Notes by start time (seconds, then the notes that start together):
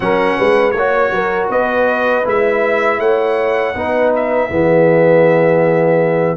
0.00 F#3 C#4 A#4 F#5
0.37 G#3 B4
0.71 A#3 C#5
0.78 F#4
1.10 F#3 A#4
1.49 B3 B4 D#5
2.24 G#3 E4 E5
2.99 A3 C#5 F#5
3.74 B3 D#4 B4
4.15 E5
4.49 E3 B3 G#4